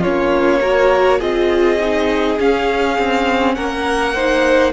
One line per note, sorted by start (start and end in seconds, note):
0.00 1.20 A#3
0.00 0.62 C#4
0.00 0.59 F4
0.00 1.20 C#5
0.61 1.20 F#4
0.61 1.18 A#4
1.18 2.38 C4
1.18 1.79 F4
1.18 3.54 G#4
1.18 2.38 D#5
1.79 2.38 D#4
2.38 4.14 C#4
2.38 2.98 C#4
2.38 3.54 F5
2.98 3.57 C4
3.54 4.72 A#3
3.54 4.14 A#4
3.54 4.72 F#5
4.14 4.72 D#4
4.14 4.72 C5